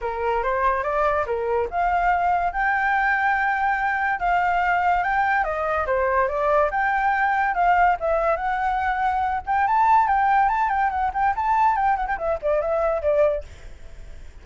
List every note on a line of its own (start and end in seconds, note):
0.01 0.43 A#4
0.43 0.83 C5
0.83 1.25 D5
1.26 1.68 A#4
1.70 2.52 F5
2.52 4.19 G5
4.19 5.03 F5
5.03 5.44 G5
5.44 5.86 D#5
5.86 6.27 C5
6.27 6.69 D5
6.70 7.54 G5
7.54 7.96 F5
7.99 8.36 E5
8.36 9.41 F#5
9.46 9.67 G5
9.67 10.07 A5
10.07 10.48 G5
10.48 10.69 A5
10.69 10.90 G5
10.90 11.11 F#5
11.13 11.34 G5
11.36 11.75 A5
11.75 11.96 G5
11.96 12.06 F#5
12.07 12.17 G5
12.18 12.39 E5
12.42 12.61 D5
12.61 13.02 E5
13.02 13.44 D5